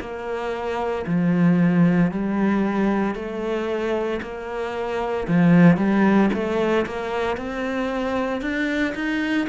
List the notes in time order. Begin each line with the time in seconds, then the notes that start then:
0.00 A#3
1.07 F3
2.11 G3
3.15 A3
4.22 A#3
5.28 F3
5.77 G3
6.33 A3
6.86 A#3
7.37 C4
8.41 D4
8.95 D#4